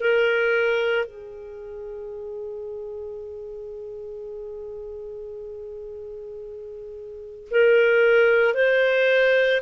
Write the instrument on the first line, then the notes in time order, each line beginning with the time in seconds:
clarinet
0.00 A#4
1.06 G#4
7.50 A#4
8.54 C5